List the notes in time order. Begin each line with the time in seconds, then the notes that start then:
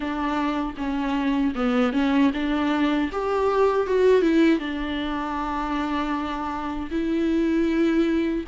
0.00 D4
0.77 C#4
1.55 B3
1.92 C#4
2.33 D4
3.12 G4
3.87 F#4
4.21 E4
4.59 D4
6.90 E4